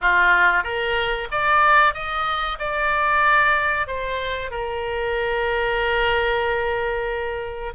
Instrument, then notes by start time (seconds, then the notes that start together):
oboe
0.01 F4
0.63 A#4
1.31 D5
1.94 D#5
2.58 D5
3.87 C5
4.50 A#4